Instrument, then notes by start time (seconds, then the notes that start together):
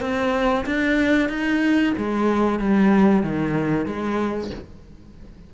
cello
0.00 C4
0.65 D4
1.29 D#4
1.97 G#3
2.59 G3
3.23 D#3
3.85 G#3